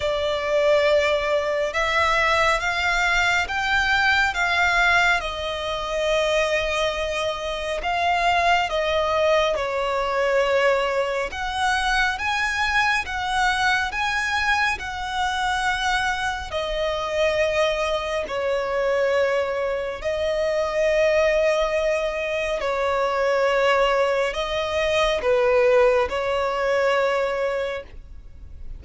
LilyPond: \new Staff \with { instrumentName = "violin" } { \time 4/4 \tempo 4 = 69 d''2 e''4 f''4 | g''4 f''4 dis''2~ | dis''4 f''4 dis''4 cis''4~ | cis''4 fis''4 gis''4 fis''4 |
gis''4 fis''2 dis''4~ | dis''4 cis''2 dis''4~ | dis''2 cis''2 | dis''4 b'4 cis''2 | }